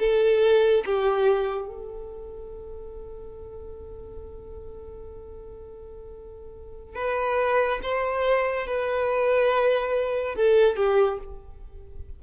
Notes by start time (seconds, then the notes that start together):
0.00 A4
0.86 G4
1.68 A4
6.96 B4
7.83 C5
8.67 B4
10.36 A4
10.77 G4